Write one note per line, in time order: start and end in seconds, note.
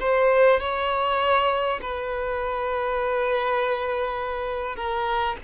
0.00 0.60 C5
0.60 1.80 C#5
1.81 4.76 B4
4.76 5.36 A#4